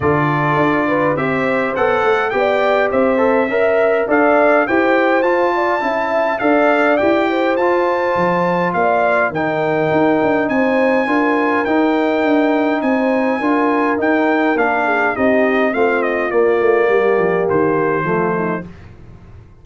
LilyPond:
<<
  \new Staff \with { instrumentName = "trumpet" } { \time 4/4 \tempo 4 = 103 d''2 e''4 fis''4 | g''4 e''2 f''4 | g''4 a''2 f''4 | g''4 a''2 f''4 |
g''2 gis''2 | g''2 gis''2 | g''4 f''4 dis''4 f''8 dis''8 | d''2 c''2 | }
  \new Staff \with { instrumentName = "horn" } { \time 4/4 a'4. b'8 c''2 | d''4 c''4 e''4 d''4 | c''4. d''8 e''4 d''4~ | d''8 c''2~ c''8 d''4 |
ais'2 c''4 ais'4~ | ais'2 c''4 ais'4~ | ais'4. gis'8 g'4 f'4~ | f'4 g'2 f'8 dis'8 | }
  \new Staff \with { instrumentName = "trombone" } { \time 4/4 f'2 g'4 a'4 | g'4. a'8 ais'4 a'4 | g'4 f'4 e'4 a'4 | g'4 f'2. |
dis'2. f'4 | dis'2. f'4 | dis'4 d'4 dis'4 c'4 | ais2. a4 | }
  \new Staff \with { instrumentName = "tuba" } { \time 4/4 d4 d'4 c'4 b8 a8 | b4 c'4 cis'4 d'4 | e'4 f'4 cis'4 d'4 | e'4 f'4 f4 ais4 |
dis4 dis'8 d'8 c'4 d'4 | dis'4 d'4 c'4 d'4 | dis'4 ais4 c'4 a4 | ais8 a8 g8 f8 dis4 f4 | }
>>